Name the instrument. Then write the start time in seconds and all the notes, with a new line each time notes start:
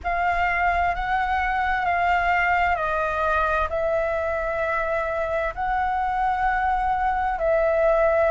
flute
0.03 F5
0.95 F#5
1.85 F5
2.75 D#5
3.69 E5
5.54 F#5
7.38 E5